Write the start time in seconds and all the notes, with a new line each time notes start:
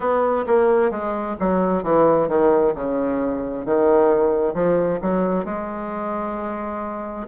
0.00 B3
0.47 A#3
0.90 G#3
1.39 F#3
1.83 E3
2.28 D#3
2.74 C#3
3.65 D#3
4.54 F3
5.01 F#3
5.45 G#3